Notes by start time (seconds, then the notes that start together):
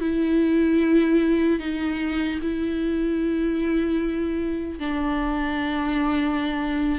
0.00 E4
1.59 D#4
2.41 E4
4.79 D4